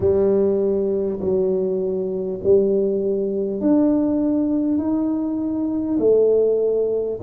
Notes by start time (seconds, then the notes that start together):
0.00 G3
1.19 F#3
2.43 G3
3.60 D4
4.78 D#4
5.99 A3